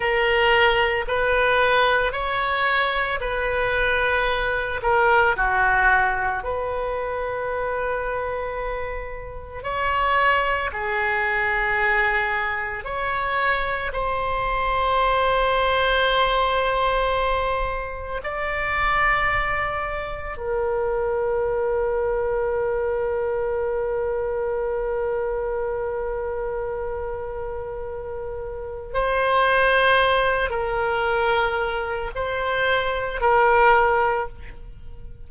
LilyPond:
\new Staff \with { instrumentName = "oboe" } { \time 4/4 \tempo 4 = 56 ais'4 b'4 cis''4 b'4~ | b'8 ais'8 fis'4 b'2~ | b'4 cis''4 gis'2 | cis''4 c''2.~ |
c''4 d''2 ais'4~ | ais'1~ | ais'2. c''4~ | c''8 ais'4. c''4 ais'4 | }